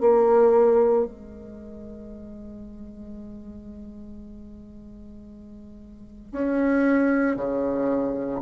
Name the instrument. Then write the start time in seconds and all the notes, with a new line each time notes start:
bassoon
0.00 A#3
1.05 G#3
6.32 C#4
7.36 C#3